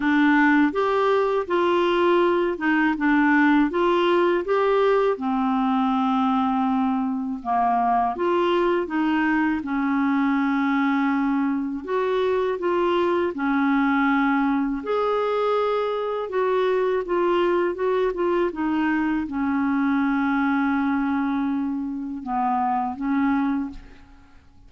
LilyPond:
\new Staff \with { instrumentName = "clarinet" } { \time 4/4 \tempo 4 = 81 d'4 g'4 f'4. dis'8 | d'4 f'4 g'4 c'4~ | c'2 ais4 f'4 | dis'4 cis'2. |
fis'4 f'4 cis'2 | gis'2 fis'4 f'4 | fis'8 f'8 dis'4 cis'2~ | cis'2 b4 cis'4 | }